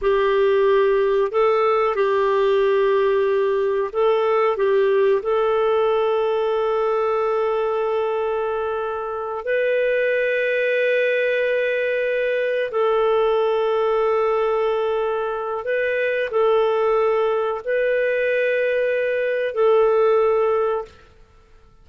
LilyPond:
\new Staff \with { instrumentName = "clarinet" } { \time 4/4 \tempo 4 = 92 g'2 a'4 g'4~ | g'2 a'4 g'4 | a'1~ | a'2~ a'8 b'4.~ |
b'2.~ b'8 a'8~ | a'1 | b'4 a'2 b'4~ | b'2 a'2 | }